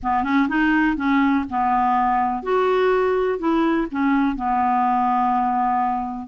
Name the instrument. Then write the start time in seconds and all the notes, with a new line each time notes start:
clarinet
0.02 B3
0.23 C#4
0.48 D#4
0.96 C#4
1.50 B3
2.43 F#4
3.38 E4
3.91 C#4
4.36 B3